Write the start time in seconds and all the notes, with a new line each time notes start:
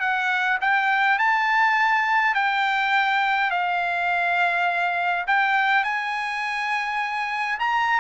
0.00 F#5
0.61 G5
1.18 A5
2.34 G5
3.50 F5
5.27 G5
5.84 G#5
7.59 A#5